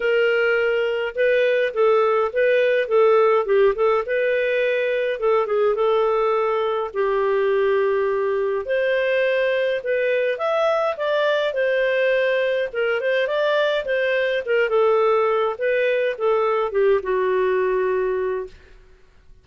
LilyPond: \new Staff \with { instrumentName = "clarinet" } { \time 4/4 \tempo 4 = 104 ais'2 b'4 a'4 | b'4 a'4 g'8 a'8 b'4~ | b'4 a'8 gis'8 a'2 | g'2. c''4~ |
c''4 b'4 e''4 d''4 | c''2 ais'8 c''8 d''4 | c''4 ais'8 a'4. b'4 | a'4 g'8 fis'2~ fis'8 | }